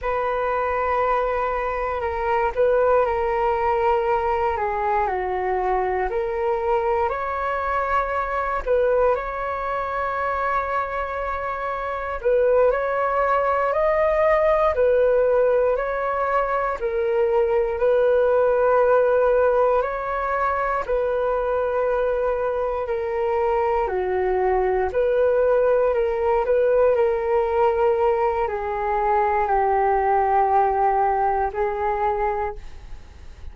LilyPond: \new Staff \with { instrumentName = "flute" } { \time 4/4 \tempo 4 = 59 b'2 ais'8 b'8 ais'4~ | ais'8 gis'8 fis'4 ais'4 cis''4~ | cis''8 b'8 cis''2. | b'8 cis''4 dis''4 b'4 cis''8~ |
cis''8 ais'4 b'2 cis''8~ | cis''8 b'2 ais'4 fis'8~ | fis'8 b'4 ais'8 b'8 ais'4. | gis'4 g'2 gis'4 | }